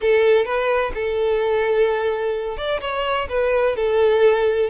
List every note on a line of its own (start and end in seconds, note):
0.01 0.45 A4
0.45 0.92 B4
0.94 2.57 A4
2.57 2.80 D5
2.81 3.27 C#5
3.29 3.76 B4
3.76 4.69 A4